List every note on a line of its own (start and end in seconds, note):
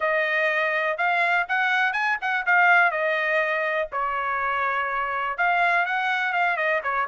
0.00 0.97 D#5
0.97 1.46 F5
1.48 1.92 F#5
1.92 2.17 G#5
2.21 2.45 F#5
2.45 2.91 F5
2.91 3.88 D#5
3.92 5.37 C#5
5.37 5.85 F5
5.85 6.32 F#5
6.32 6.57 F5
6.57 6.81 D#5
6.83 7.07 C#5